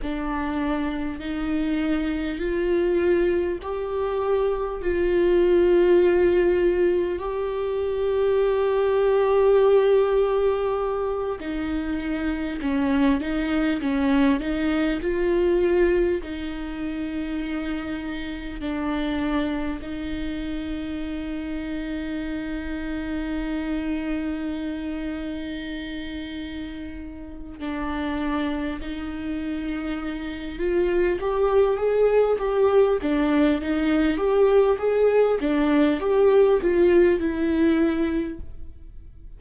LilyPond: \new Staff \with { instrumentName = "viola" } { \time 4/4 \tempo 4 = 50 d'4 dis'4 f'4 g'4 | f'2 g'2~ | g'4. dis'4 cis'8 dis'8 cis'8 | dis'8 f'4 dis'2 d'8~ |
d'8 dis'2.~ dis'8~ | dis'2. d'4 | dis'4. f'8 g'8 gis'8 g'8 d'8 | dis'8 g'8 gis'8 d'8 g'8 f'8 e'4 | }